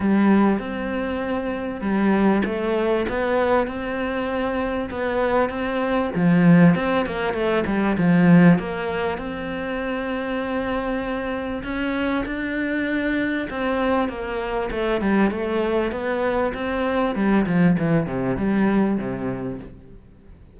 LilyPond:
\new Staff \with { instrumentName = "cello" } { \time 4/4 \tempo 4 = 98 g4 c'2 g4 | a4 b4 c'2 | b4 c'4 f4 c'8 ais8 | a8 g8 f4 ais4 c'4~ |
c'2. cis'4 | d'2 c'4 ais4 | a8 g8 a4 b4 c'4 | g8 f8 e8 c8 g4 c4 | }